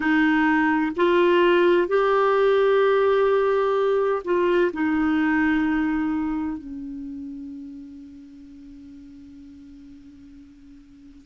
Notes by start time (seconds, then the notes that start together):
0.00 D#4
0.96 F4
1.87 G4
4.24 F4
4.73 D#4
6.57 C#4